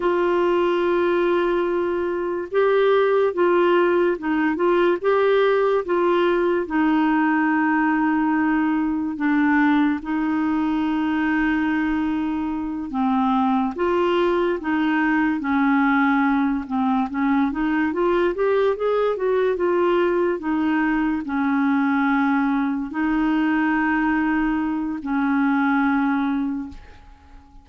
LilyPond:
\new Staff \with { instrumentName = "clarinet" } { \time 4/4 \tempo 4 = 72 f'2. g'4 | f'4 dis'8 f'8 g'4 f'4 | dis'2. d'4 | dis'2.~ dis'8 c'8~ |
c'8 f'4 dis'4 cis'4. | c'8 cis'8 dis'8 f'8 g'8 gis'8 fis'8 f'8~ | f'8 dis'4 cis'2 dis'8~ | dis'2 cis'2 | }